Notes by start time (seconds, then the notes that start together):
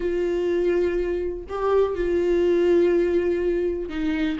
0.00 F4
1.48 G4
1.95 F4
3.89 D#4